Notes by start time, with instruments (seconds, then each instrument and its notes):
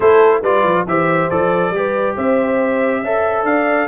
0.00 tuba A3, trombone E4, horn A4, trumpet C5
0.41 tuba G3, trombone F4, horn B4, trumpet D5
0.63 tuba F3
0.87 tuba E3, trombone G4, horn C5, trumpet E5
1.30 tuba F3, trombone A4, trumpet D5
1.70 tuba G3, trombone G4, horn B4
2.15 tuba C4, horn C5, trumpet E5
3.01 tuba C#4, trombone A4, horn E5
3.43 tuba D4, horn D5, trumpet F5